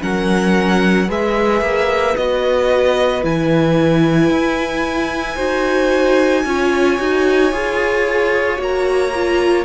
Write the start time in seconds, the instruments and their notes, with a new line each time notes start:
0.00 cello F#3, viola C#4, violin A#4 F#5
1.08 cello G#3, viola G#4, violin B4 E5
1.61 cello A#3
2.17 cello B3, viola F#4, violin D#5
3.23 cello E3, viola E4, violin G#5
4.30 cello E4
5.36 cello D#4, viola F#4, violin C5
6.45 cello C#4, viola F4, violin C#5
6.99 cello D#4, viola F#4
7.52 cello F4, viola G#4
8.57 cello A#3, viola F#4, violin A#5
9.15 viola F4